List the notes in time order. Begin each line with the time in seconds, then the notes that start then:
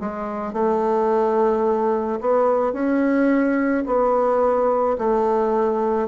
0.00 G#3
0.53 A3
2.21 B3
2.73 C#4
3.86 B3
4.98 A3